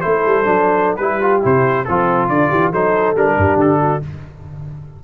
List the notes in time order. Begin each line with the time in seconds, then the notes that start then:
0.00 A3 E4 A4 C5
0.25 G3
0.44 F#3 D4
0.96 G3 E4 G4 B4
1.21 F4
1.42 C3 E4 C5
1.84 F3 C4 F4 A4
2.28 D3 D4 D5
2.49 E3 G4
2.70 F#3 D#4 A4 C5
3.14 G3 D4 A#4
3.37 G2 G4
3.56 D3 A4
3.80 F#4